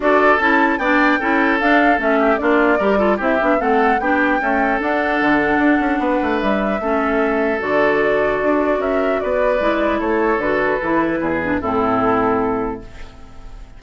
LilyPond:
<<
  \new Staff \with { instrumentName = "flute" } { \time 4/4 \tempo 4 = 150 d''4 a''4 g''2 | f''4 e''4 d''2 | e''4 fis''4 g''2 | fis''1 |
e''2. d''4~ | d''2 e''4 d''4~ | d''4 cis''4 b'2~ | b'4 a'2. | }
  \new Staff \with { instrumentName = "oboe" } { \time 4/4 a'2 d''4 a'4~ | a'4. g'8 f'4 ais'8 a'8 | g'4 a'4 g'4 a'4~ | a'2. b'4~ |
b'4 a'2.~ | a'2 ais'4 b'4~ | b'4 a'2. | gis'4 e'2. | }
  \new Staff \with { instrumentName = "clarinet" } { \time 4/4 fis'4 e'4 d'4 e'4 | d'4 cis'4 d'4 g'8 f'8 | e'8 d'8 c'4 d'4 a4 | d'1~ |
d'4 cis'2 fis'4~ | fis'1 | e'2 fis'4 e'4~ | e'8 d'8 c'2. | }
  \new Staff \with { instrumentName = "bassoon" } { \time 4/4 d'4 cis'4 b4 cis'4 | d'4 a4 ais4 g4 | c'8 b8 a4 b4 cis'4 | d'4 d4 d'8 cis'8 b8 a8 |
g4 a2 d4~ | d4 d'4 cis'4 b4 | gis4 a4 d4 e4 | e,4 a,2. | }
>>